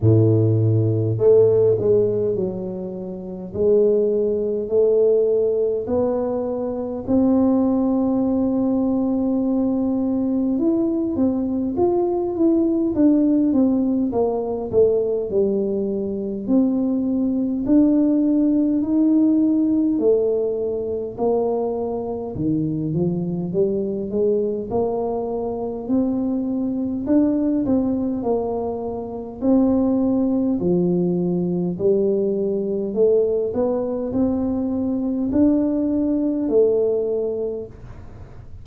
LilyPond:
\new Staff \with { instrumentName = "tuba" } { \time 4/4 \tempo 4 = 51 a,4 a8 gis8 fis4 gis4 | a4 b4 c'2~ | c'4 e'8 c'8 f'8 e'8 d'8 c'8 | ais8 a8 g4 c'4 d'4 |
dis'4 a4 ais4 dis8 f8 | g8 gis8 ais4 c'4 d'8 c'8 | ais4 c'4 f4 g4 | a8 b8 c'4 d'4 a4 | }